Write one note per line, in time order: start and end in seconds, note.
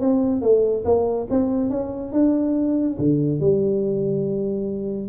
0.00 0.41 C4
0.41 0.84 A3
0.85 1.27 A#3
1.30 1.70 C4
1.70 2.12 C#4
2.12 2.97 D4
2.98 3.40 D3
3.40 5.09 G3